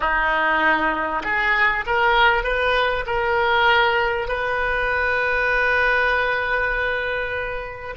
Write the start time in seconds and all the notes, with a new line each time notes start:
0.00 D#4
1.23 G#4
1.86 A#4
2.43 B4
3.06 A#4
4.27 B4